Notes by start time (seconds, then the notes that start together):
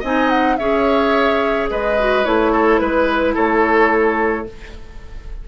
0.00 C4 D#4 D#5 G#5
0.30 F#5
0.57 C#4 G#4 C#5 E5
1.70 G#3 B4 D#5
1.99 F#4
2.25 A3 E4 C#5
2.53 A4
2.79 G#3 B4
3.35 A3 A4 C#5